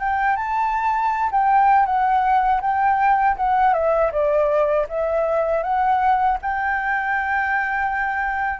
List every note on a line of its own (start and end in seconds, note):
0.00 0.36 G5
0.36 1.30 A5
1.32 1.86 G5
1.86 2.61 F#5
2.61 3.36 G5
3.37 3.74 F#5
3.74 4.11 E5
4.12 4.87 D5
4.89 5.63 E5
5.63 6.38 F#5
6.42 8.60 G5